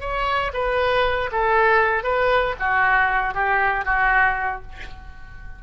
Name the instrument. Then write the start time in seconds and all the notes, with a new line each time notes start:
oboe
0.00 C#5
0.53 B4
1.31 A4
2.03 B4
2.59 F#4
3.34 G4
3.85 F#4